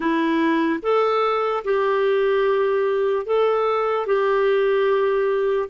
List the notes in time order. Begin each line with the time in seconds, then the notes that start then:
0.00 E4
0.82 A4
1.64 G4
3.25 A4
4.06 G4